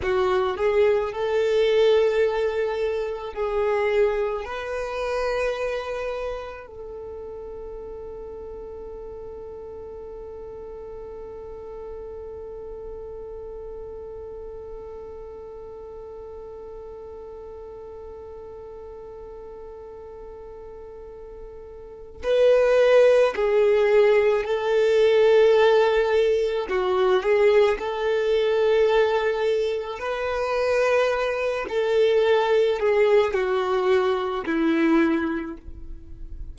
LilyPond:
\new Staff \with { instrumentName = "violin" } { \time 4/4 \tempo 4 = 54 fis'8 gis'8 a'2 gis'4 | b'2 a'2~ | a'1~ | a'1~ |
a'1 | b'4 gis'4 a'2 | fis'8 gis'8 a'2 b'4~ | b'8 a'4 gis'8 fis'4 e'4 | }